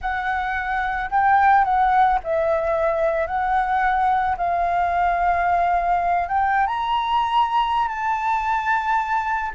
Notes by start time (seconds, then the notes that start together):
0.01 F#5
1.10 G5
1.64 F#5
2.23 E5
3.27 F#5
4.37 F5
6.28 G5
6.67 A#5
7.87 A5